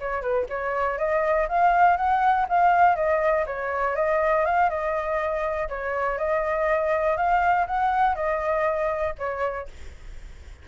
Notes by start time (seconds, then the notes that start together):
0.00 C#5
0.22 B4
0.50 C#5
0.98 D#5
1.49 F5
1.97 F#5
2.49 F5
2.96 D#5
3.47 C#5
3.96 D#5
4.45 F5
4.70 D#5
5.69 C#5
6.18 D#5
7.17 F5
7.67 F#5
8.15 D#5
9.19 C#5